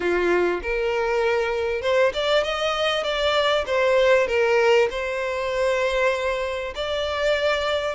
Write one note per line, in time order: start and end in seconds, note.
0.00 0.60 F4
0.62 1.81 A#4
1.81 2.12 C5
2.13 2.43 D5
2.43 3.03 D#5
3.03 3.65 D5
3.66 4.27 C5
4.27 4.88 A#4
4.90 6.73 C5
6.75 7.95 D5